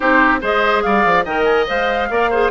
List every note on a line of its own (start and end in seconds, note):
0.00 0.42 C4
0.00 0.40 D#4
0.00 0.40 G4
0.00 0.41 C5
0.41 0.84 G#3
0.41 1.25 G#4
0.41 0.83 C5
0.41 0.82 D#5
0.82 1.05 G3
0.82 1.24 D5
0.82 1.24 F5
1.05 1.25 F3
1.24 1.67 D#3
1.24 1.67 A#4
1.24 2.08 D#5
1.24 1.43 G5
1.43 1.64 G#5
1.67 2.10 G#3
1.67 2.09 C5
1.67 2.50 F5
2.10 2.50 A#3
2.10 2.31 A#4
2.10 2.30 D5
2.30 2.50 G#4
2.30 2.50 C5